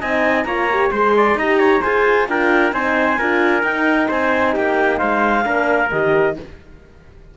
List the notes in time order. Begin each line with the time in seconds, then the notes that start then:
0.00 C4 D#4 D#5 G#5
0.43 A#3 F4 C#5 A#5
0.70 G4
0.91 G#3 G#4 C5 C6
1.16 D5
1.34 D#4 G4 D#5 A#5
1.59 C#5
1.81 F4 G#4 C5 G#5
2.28 D4 F4 A#4 G5
2.72 C4 D#4 C5 G#5
3.18 D4 F4 A#4
3.62 D#4 G5
4.07 C4 C5 G#5
4.53 A#3 G4 G5
4.97 G#3 C5 F5
5.43 A#3 D4 A#4
5.90 D#3 G4 D#5